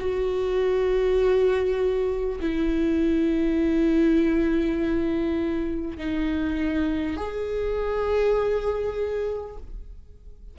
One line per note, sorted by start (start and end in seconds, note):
0.00 2.40 F#4
2.41 5.98 E4
5.98 7.17 D#4
7.17 9.57 G#4